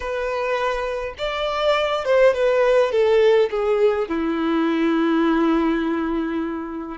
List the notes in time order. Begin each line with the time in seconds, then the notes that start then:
0.00 B4
1.18 D5
2.04 C5
2.33 B4
2.91 A4
3.50 G#4
4.08 E4